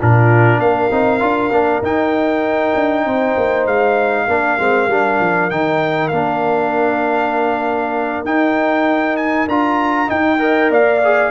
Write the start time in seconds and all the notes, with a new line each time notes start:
0.00 A#2 D4 F4 A#4
0.58 A#3 A#4 F5
0.90 C4 D#4
1.19 D4 F4
1.51 A#3 D4
1.82 D#4 G5
2.74 D4
3.05 C4 C5
3.37 A#3
3.66 G#3 F5
4.27 A#3 D4 A#4
4.58 G#3 C4
4.88 G3 D4
5.20 F3
5.50 D#3 D#4 G5
6.08 A#3 D4 F5
8.24 D#4 G5
9.17 G#5
9.47 D4 F4 A#5
10.07 D#4 G5
10.39 A#4 D#5
10.70 A#3 D5 F5
11.04 G#4